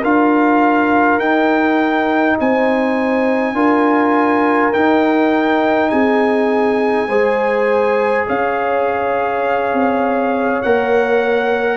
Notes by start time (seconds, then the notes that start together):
0.00 D4 F4 A#4 F5
1.18 D#4 G5
2.39 C4 C5 G#5
3.53 D4 F4 A#4
4.73 D#4 G5
5.89 C4 G#4 G#5
7.08 G#3 G#4 C5
8.26 C#4 C#5 F5
9.72 C4
10.62 A#3 A#4 F#5